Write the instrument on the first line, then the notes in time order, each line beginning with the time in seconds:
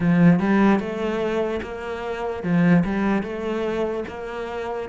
cello
0.00 F3
0.39 G3
0.79 A3
1.62 A#3
2.43 F3
2.84 G3
3.22 A3
4.08 A#3